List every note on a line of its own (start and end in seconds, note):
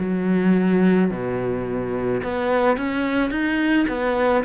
0.00 1.11 F#3
1.11 2.22 B2
2.24 2.77 B3
2.77 3.31 C#4
3.31 3.86 D#4
3.89 4.44 B3